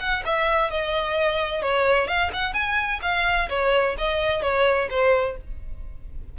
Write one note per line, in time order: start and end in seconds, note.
0.00 0.23 F#5
0.25 0.71 E5
0.71 1.62 D#5
1.62 2.08 C#5
2.08 2.31 F5
2.33 2.53 F#5
2.53 3.00 G#5
3.02 3.49 F5
3.49 3.96 C#5
3.98 4.42 D#5
4.42 4.88 C#5
4.90 5.37 C5